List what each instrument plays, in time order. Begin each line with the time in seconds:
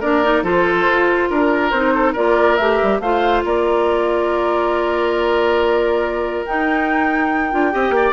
0.00 bassoon A#3, clarinet D4, oboe A#4, flute D5
0.23 clarinet D#4
0.43 bassoon F3, clarinet F4, oboe A4, flute C5
0.87 bassoon F4
1.30 bassoon D4, oboe A#4, flute A#4
1.70 bassoon C4, clarinet D#4, flute C5
1.94 oboe A4
2.12 bassoon A#3, clarinet F4, oboe A#4, flute D5
2.56 bassoon A3, clarinet G4, flute E5
2.83 bassoon G3
3.00 bassoon A3, clarinet F4, oboe C5, flute F5
3.44 bassoon A#3, oboe A#4, flute D5
6.45 clarinet D#4, bassoon D#4, flute G5
7.52 bassoon D4, clarinet F4
7.72 bassoon C4, clarinet G4, oboe D#5
7.90 bassoon A#3, oboe D5